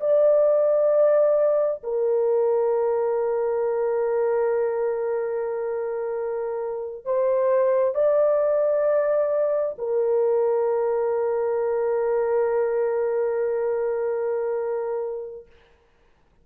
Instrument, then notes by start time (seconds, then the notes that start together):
horn
0.00 D5
1.83 A#4
7.05 C5
7.94 D5
9.78 A#4